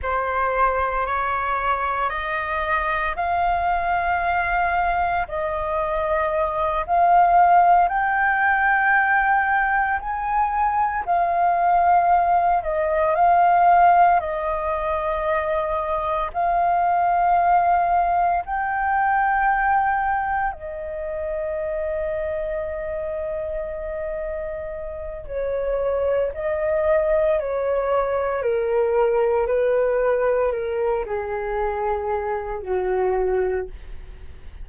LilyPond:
\new Staff \with { instrumentName = "flute" } { \time 4/4 \tempo 4 = 57 c''4 cis''4 dis''4 f''4~ | f''4 dis''4. f''4 g''8~ | g''4. gis''4 f''4. | dis''8 f''4 dis''2 f''8~ |
f''4. g''2 dis''8~ | dis''1 | cis''4 dis''4 cis''4 ais'4 | b'4 ais'8 gis'4. fis'4 | }